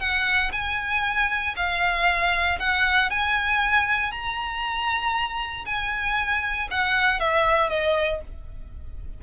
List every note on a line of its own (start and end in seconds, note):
0.00 0.51 F#5
0.52 1.55 G#5
1.56 2.59 F5
2.59 3.10 F#5
3.10 4.11 G#5
4.11 5.65 A#5
5.66 6.68 G#5
6.71 7.20 F#5
7.20 7.70 E5
7.70 8.21 D#5